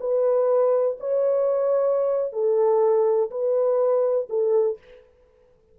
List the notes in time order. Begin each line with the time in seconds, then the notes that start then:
0.00 B4
0.99 C#5
2.32 A4
3.30 B4
4.29 A4